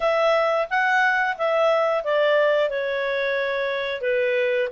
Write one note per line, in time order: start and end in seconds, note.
0.00 0.67 E5
0.70 1.37 F#5
1.37 2.03 E5
2.03 2.69 D5
2.69 4.01 C#5
4.01 4.69 B4